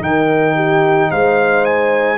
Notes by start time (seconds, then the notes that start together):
0.00 D#3 D#4 A#4 G5
0.55 G4
1.10 G#3 C5 F5
1.65 G#5